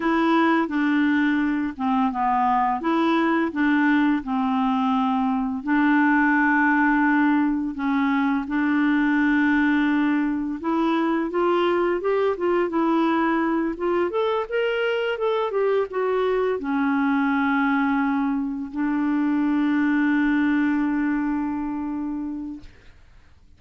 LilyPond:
\new Staff \with { instrumentName = "clarinet" } { \time 4/4 \tempo 4 = 85 e'4 d'4. c'8 b4 | e'4 d'4 c'2 | d'2. cis'4 | d'2. e'4 |
f'4 g'8 f'8 e'4. f'8 | a'8 ais'4 a'8 g'8 fis'4 cis'8~ | cis'2~ cis'8 d'4.~ | d'1 | }